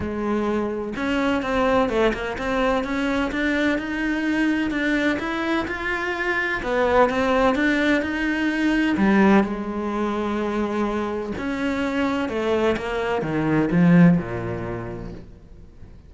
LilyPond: \new Staff \with { instrumentName = "cello" } { \time 4/4 \tempo 4 = 127 gis2 cis'4 c'4 | a8 ais8 c'4 cis'4 d'4 | dis'2 d'4 e'4 | f'2 b4 c'4 |
d'4 dis'2 g4 | gis1 | cis'2 a4 ais4 | dis4 f4 ais,2 | }